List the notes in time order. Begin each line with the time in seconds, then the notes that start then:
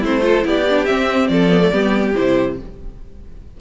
0.00 A3 C4 E4 C5
0.22 F4 A4
0.42 B3 E4 G4 D5
0.70 D4
0.85 C4 E5
1.28 F3 A4 D5
1.50 B3
1.60 A3
1.72 G3 B3 G4
2.15 C3 E4 C5